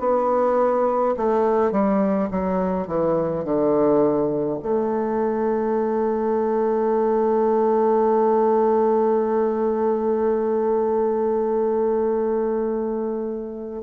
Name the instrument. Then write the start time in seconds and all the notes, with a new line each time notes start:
bassoon
0.00 B3
1.17 A3
1.72 G3
2.31 F#3
2.87 E3
3.45 D3
4.63 A3